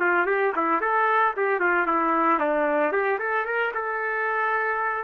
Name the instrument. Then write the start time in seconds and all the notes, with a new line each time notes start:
trumpet
0.00 F4
0.27 G4
0.56 E4
0.81 A4
1.37 G4
1.60 F4
1.87 E4
2.40 D4
2.93 G4
3.19 A4
3.46 A#4
3.75 A4